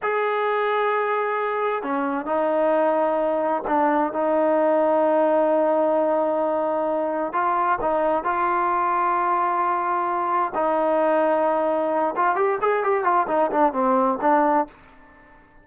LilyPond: \new Staff \with { instrumentName = "trombone" } { \time 4/4 \tempo 4 = 131 gis'1 | cis'4 dis'2. | d'4 dis'2.~ | dis'1 |
f'4 dis'4 f'2~ | f'2. dis'4~ | dis'2~ dis'8 f'8 g'8 gis'8 | g'8 f'8 dis'8 d'8 c'4 d'4 | }